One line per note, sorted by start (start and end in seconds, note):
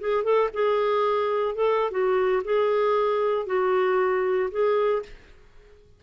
0.00 0.24 G#4
0.24 0.49 A4
0.53 1.55 G#4
1.55 1.91 A4
1.91 2.42 F#4
2.44 3.46 G#4
3.46 4.50 F#4
4.51 5.03 G#4